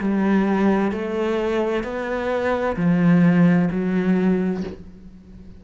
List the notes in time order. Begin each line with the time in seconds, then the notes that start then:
0.00 G3
0.92 A3
1.84 B3
2.77 F3
3.71 F#3